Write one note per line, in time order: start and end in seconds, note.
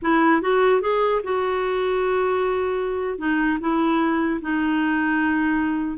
0.02 0.41 E4
0.41 0.81 F#4
0.81 1.21 G#4
1.23 3.18 F#4
3.18 3.58 D#4
3.60 4.40 E4
4.41 5.97 D#4